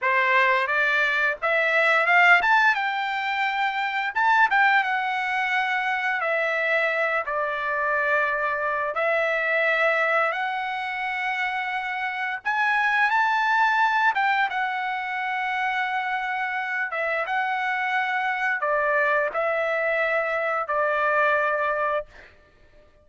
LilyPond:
\new Staff \with { instrumentName = "trumpet" } { \time 4/4 \tempo 4 = 87 c''4 d''4 e''4 f''8 a''8 | g''2 a''8 g''8 fis''4~ | fis''4 e''4. d''4.~ | d''4 e''2 fis''4~ |
fis''2 gis''4 a''4~ | a''8 g''8 fis''2.~ | fis''8 e''8 fis''2 d''4 | e''2 d''2 | }